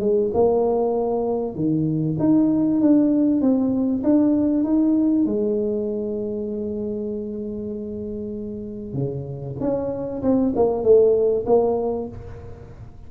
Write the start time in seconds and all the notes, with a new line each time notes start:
0.00 G#3
0.34 A#3
1.55 D#3
2.19 D#4
2.81 D4
3.41 C4
4.04 D4
4.64 D#4
5.26 G#3
8.94 C#3
9.60 C#4
10.22 C4
10.55 A#3
10.83 A3
11.46 A#3